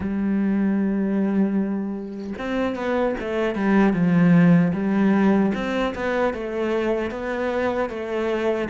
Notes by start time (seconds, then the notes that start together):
0.00 G3
2.38 C4
2.75 B3
3.20 A3
3.55 G3
3.93 F3
4.73 G3
5.54 C4
5.94 B3
6.33 A3
7.11 B3
7.89 A3